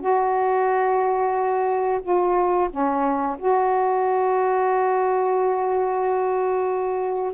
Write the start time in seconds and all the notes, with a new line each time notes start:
0.00 F#4
2.02 F4
2.70 C#4
3.38 F#4